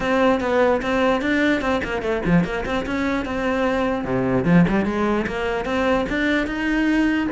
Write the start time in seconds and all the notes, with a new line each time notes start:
0.00 C4
0.40 B3
0.82 C4
1.21 D4
1.61 C4
1.84 A#3
2.02 A3
2.25 F3
2.44 A#3
2.65 C4
2.85 C#4
3.25 C4
4.04 C3
4.44 F3
4.68 G3
4.85 G#3
5.26 A#3
5.65 C4
6.09 D4
6.46 D#4